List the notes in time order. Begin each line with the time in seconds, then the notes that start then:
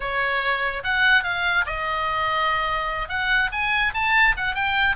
0.00 C#5
0.83 F#5
1.23 F5
1.66 D#5
3.08 F#5
3.52 G#5
3.93 A5
4.37 F#5
4.54 G5